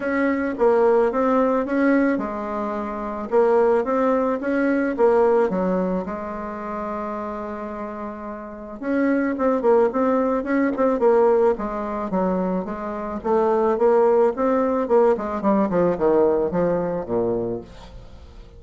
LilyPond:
\new Staff \with { instrumentName = "bassoon" } { \time 4/4 \tempo 4 = 109 cis'4 ais4 c'4 cis'4 | gis2 ais4 c'4 | cis'4 ais4 fis4 gis4~ | gis1 |
cis'4 c'8 ais8 c'4 cis'8 c'8 | ais4 gis4 fis4 gis4 | a4 ais4 c'4 ais8 gis8 | g8 f8 dis4 f4 ais,4 | }